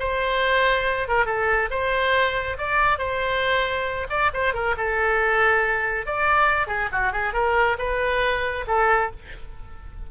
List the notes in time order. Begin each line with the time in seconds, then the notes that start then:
0.00 C5
1.08 A#4
1.26 A4
1.71 C5
2.58 D5
2.99 C5
4.10 D5
4.34 C5
4.54 A#4
4.77 A4
6.06 D5
6.68 G#4
6.92 F#4
7.13 G#4
7.34 A#4
7.79 B4
8.68 A4